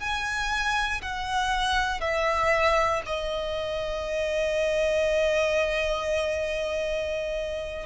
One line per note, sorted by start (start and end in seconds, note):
0.00 1.02 G#5
1.02 2.01 F#5
2.01 3.02 E5
3.06 7.86 D#5